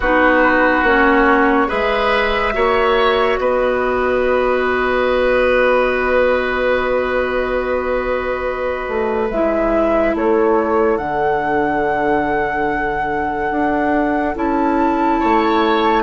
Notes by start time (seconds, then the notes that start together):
0.00 B3 D#4 F#4 B4
0.82 A#3 C#4 C#5
1.67 G#3 G#4 B4 E5
2.53 A#3 F#4 C#5
3.38 B3 B4 D#5
8.88 A3
9.30 G#3 E4 E5
10.14 A3 A4 C#5
10.97 D3 D4 F#5
13.50 D4
14.35 C#4 E4 A5
15.19 A3 C#5